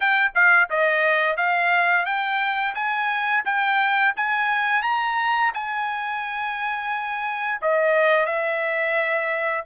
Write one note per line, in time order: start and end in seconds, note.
0.00 0.32 G5
0.34 0.69 F5
0.70 1.36 D#5
1.36 2.05 F5
2.05 2.74 G5
2.74 3.43 G#5
3.45 4.14 G5
4.16 4.82 G#5
4.82 5.51 A#5
5.53 7.60 G#5
7.61 8.26 D#5
8.26 9.64 E5